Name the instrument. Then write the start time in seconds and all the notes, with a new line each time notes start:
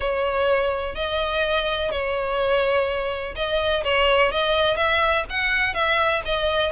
violin
0.00 C#5
0.95 D#5
1.91 C#5
3.35 D#5
3.84 C#5
4.31 D#5
4.76 E5
5.29 F#5
5.74 E5
6.25 D#5